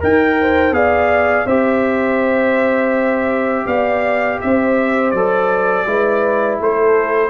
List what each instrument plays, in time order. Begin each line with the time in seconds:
0.00 tuba D#4, trombone A#4, horn A#4, trumpet G5
0.41 horn C5
0.72 tuba B3, trombone G#4, horn D5, trumpet F5
1.46 tuba C4, trombone G4, horn C5, trumpet E5
3.66 tuba B3, horn D5, trumpet F5
4.41 tuba C4, horn C5, trumpet E5
5.11 tuba F#3, trombone A4, trumpet D5
5.86 tuba G#3, trombone E4, horn B4
6.60 tuba A3, horn A4, trumpet C5